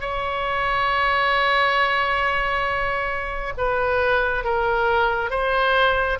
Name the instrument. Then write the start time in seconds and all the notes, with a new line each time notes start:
oboe
0.00 C#5
3.57 B4
4.44 A#4
5.30 C5